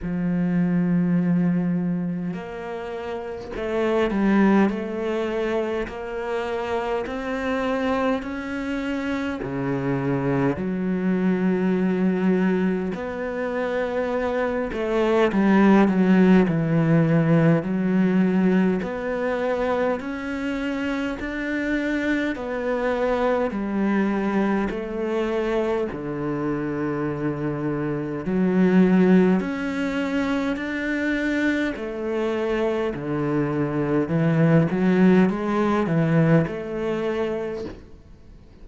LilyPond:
\new Staff \with { instrumentName = "cello" } { \time 4/4 \tempo 4 = 51 f2 ais4 a8 g8 | a4 ais4 c'4 cis'4 | cis4 fis2 b4~ | b8 a8 g8 fis8 e4 fis4 |
b4 cis'4 d'4 b4 | g4 a4 d2 | fis4 cis'4 d'4 a4 | d4 e8 fis8 gis8 e8 a4 | }